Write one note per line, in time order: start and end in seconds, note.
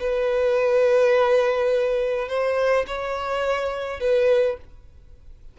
0.00 2.29 B4
2.29 2.86 C5
2.87 4.00 C#5
4.00 4.57 B4